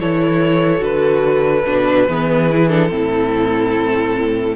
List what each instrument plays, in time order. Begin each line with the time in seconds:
0.00 cello E3, viola E4, violin A4 C#5
0.78 cello D3, viola F#4, violin B4
1.66 cello B2, viola D4
2.08 cello E3, viola B3, violin G#4
2.50 viola E4
2.69 viola D4, violin A4
2.89 cello A2, viola C4, violin E4